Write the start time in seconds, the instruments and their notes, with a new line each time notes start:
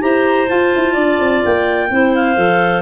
0.00 tuba E4, clarinet G4 C5 A#5
0.47 clarinet F4 A5, tuba F4
0.75 tuba E4
0.93 tuba D4, clarinet D5
1.19 tuba C4
1.44 tuba A#3, clarinet G5
1.90 tuba C4, clarinet E4 C5
2.15 clarinet F5
2.36 tuba F3, clarinet A4